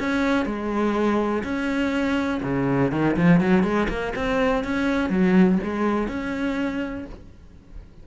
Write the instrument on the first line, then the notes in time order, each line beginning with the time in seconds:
cello
0.00 C#4
0.46 G#3
1.44 C#4
2.43 C#3
2.92 D#3
3.17 F3
3.41 F#3
3.64 G#3
3.89 A#3
4.16 C4
4.64 C#4
5.10 F#3
5.64 G#3
6.08 C#4